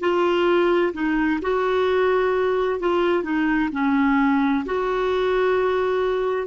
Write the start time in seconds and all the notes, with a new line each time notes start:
0.00 F4
0.93 D#4
1.41 F#4
2.79 F4
3.23 D#4
3.72 C#4
4.65 F#4